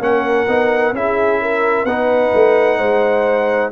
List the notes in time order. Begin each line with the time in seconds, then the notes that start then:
0.00 A#3 C#4 A#4 F#5
0.48 B3 D#4
0.93 C#4 E4 G#4 E5
1.42 A#4
1.85 B3 D#4 B4 F#5
2.34 A3
2.78 G#3 C5